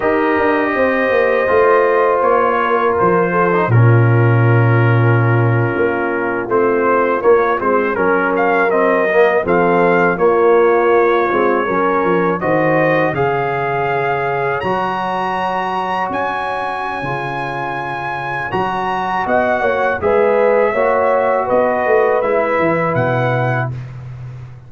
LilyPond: <<
  \new Staff \with { instrumentName = "trumpet" } { \time 4/4 \tempo 4 = 81 dis''2. cis''4 | c''4 ais'2.~ | ais'8. c''4 cis''8 c''8 ais'8 f''8 dis''16~ | dis''8. f''4 cis''2~ cis''16~ |
cis''8. dis''4 f''2 ais''16~ | ais''4.~ ais''16 gis''2~ gis''16~ | gis''4 ais''4 fis''4 e''4~ | e''4 dis''4 e''4 fis''4 | }
  \new Staff \with { instrumentName = "horn" } { \time 4/4 ais'4 c''2~ c''8 ais'8~ | ais'8 a'8 f'2.~ | f'2~ f'8. ais'4~ ais'16~ | ais'8. a'4 f'2 ais'16~ |
ais'8. c''4 cis''2~ cis''16~ | cis''1~ | cis''2 dis''8 cis''8 b'4 | cis''4 b'2. | }
  \new Staff \with { instrumentName = "trombone" } { \time 4/4 g'2 f'2~ | f'8. dis'16 cis'2.~ | cis'8. c'4 ais8 c'8 cis'4 c'16~ | c'16 ais8 c'4 ais4. c'8 cis'16~ |
cis'8. fis'4 gis'2 fis'16~ | fis'2. f'4~ | f'4 fis'2 gis'4 | fis'2 e'2 | }
  \new Staff \with { instrumentName = "tuba" } { \time 4/4 dis'8 d'8 c'8 ais8 a4 ais4 | f4 ais,2~ ais,8. ais16~ | ais8. a4 ais8 gis8 fis4~ fis16~ | fis8. f4 ais4. gis8 fis16~ |
fis16 f8 dis4 cis2 fis16~ | fis4.~ fis16 cis'4~ cis'16 cis4~ | cis4 fis4 b8 ais8 gis4 | ais4 b8 a8 gis8 e8 b,4 | }
>>